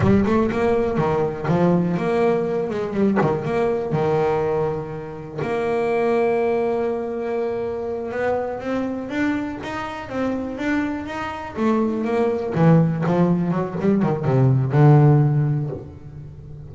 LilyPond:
\new Staff \with { instrumentName = "double bass" } { \time 4/4 \tempo 4 = 122 g8 a8 ais4 dis4 f4 | ais4. gis8 g8 dis8 ais4 | dis2. ais4~ | ais1~ |
ais8 b4 c'4 d'4 dis'8~ | dis'8 c'4 d'4 dis'4 a8~ | a8 ais4 e4 f4 fis8 | g8 dis8 c4 d2 | }